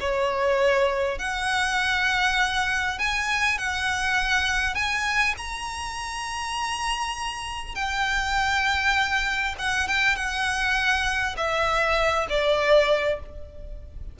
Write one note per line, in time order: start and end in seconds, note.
0.00 1.19 C#5
1.19 2.99 F#5
2.99 3.58 G#5
3.58 4.75 F#5
4.75 5.35 G#5
5.37 7.75 A#5
7.75 9.55 G5
9.59 9.88 F#5
9.88 10.16 G5
10.16 11.36 F#5
11.37 12.27 E5
12.29 13.19 D5